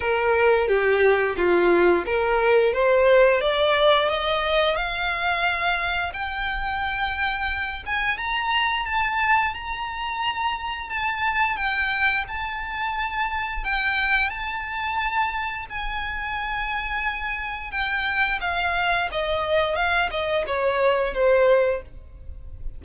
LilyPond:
\new Staff \with { instrumentName = "violin" } { \time 4/4 \tempo 4 = 88 ais'4 g'4 f'4 ais'4 | c''4 d''4 dis''4 f''4~ | f''4 g''2~ g''8 gis''8 | ais''4 a''4 ais''2 |
a''4 g''4 a''2 | g''4 a''2 gis''4~ | gis''2 g''4 f''4 | dis''4 f''8 dis''8 cis''4 c''4 | }